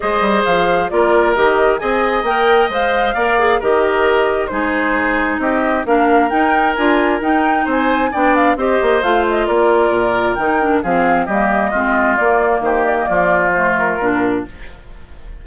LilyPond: <<
  \new Staff \with { instrumentName = "flute" } { \time 4/4 \tempo 4 = 133 dis''4 f''4 d''4 dis''4 | gis''4 g''4 f''2 | dis''2 c''2 | dis''4 f''4 g''4 gis''4 |
g''4 gis''4 g''8 f''8 dis''4 | f''8 dis''8 d''2 g''4 | f''4 dis''2 d''4 | c''8 d''16 dis''16 d''4 c''8 ais'4. | }
  \new Staff \with { instrumentName = "oboe" } { \time 4/4 c''2 ais'2 | dis''2. d''4 | ais'2 gis'2 | g'4 ais'2.~ |
ais'4 c''4 d''4 c''4~ | c''4 ais'2. | gis'4 g'4 f'2 | g'4 f'2. | }
  \new Staff \with { instrumentName = "clarinet" } { \time 4/4 gis'2 f'4 g'4 | gis'4 ais'4 c''4 ais'8 gis'8 | g'2 dis'2~ | dis'4 d'4 dis'4 f'4 |
dis'2 d'4 g'4 | f'2. dis'8 d'8 | c'4 ais4 c'4 ais4~ | ais2 a4 d'4 | }
  \new Staff \with { instrumentName = "bassoon" } { \time 4/4 gis8 g8 f4 ais4 dis4 | c'4 ais4 gis4 ais4 | dis2 gis2 | c'4 ais4 dis'4 d'4 |
dis'4 c'4 b4 c'8 ais8 | a4 ais4 ais,4 dis4 | f4 g4 gis4 ais4 | dis4 f2 ais,4 | }
>>